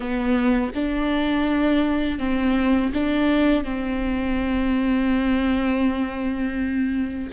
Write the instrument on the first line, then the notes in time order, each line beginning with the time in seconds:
viola
0.00 B3
0.75 D4
2.19 C4
2.93 D4
3.64 C4